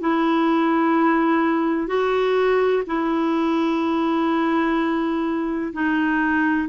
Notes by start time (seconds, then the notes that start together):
0.00 E4
1.87 F#4
2.87 E4
5.73 D#4